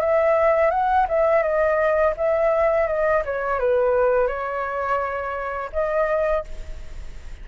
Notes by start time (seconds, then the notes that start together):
0.00 E5
0.70 F#5
1.08 E5
1.42 D#5
2.17 E5
2.87 D#5
3.25 C#5
3.59 B4
4.27 C#5
5.72 D#5